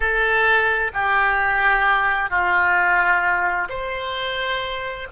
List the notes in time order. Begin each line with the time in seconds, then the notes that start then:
0.00 A4
0.93 G4
2.30 F4
3.69 C5